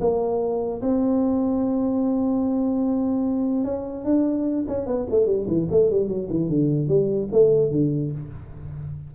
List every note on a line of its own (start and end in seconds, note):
0.00 0.81 A#3
0.82 3.64 C4
3.64 4.04 C#4
4.04 4.65 D4
4.68 4.86 C#4
4.86 5.07 B3
5.10 5.26 A3
5.26 5.46 G3
5.47 5.68 E3
5.71 5.90 A3
5.90 6.08 G3
6.08 6.28 F#3
6.30 6.49 E3
6.49 6.88 D3
6.88 7.28 G3
7.32 7.71 A3
7.71 8.12 D3